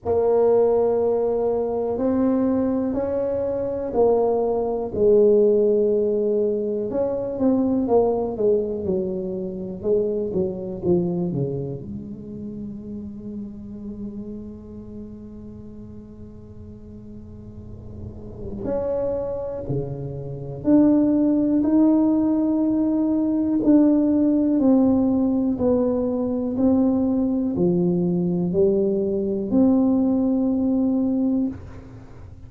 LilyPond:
\new Staff \with { instrumentName = "tuba" } { \time 4/4 \tempo 4 = 61 ais2 c'4 cis'4 | ais4 gis2 cis'8 c'8 | ais8 gis8 fis4 gis8 fis8 f8 cis8 | gis1~ |
gis2. cis'4 | cis4 d'4 dis'2 | d'4 c'4 b4 c'4 | f4 g4 c'2 | }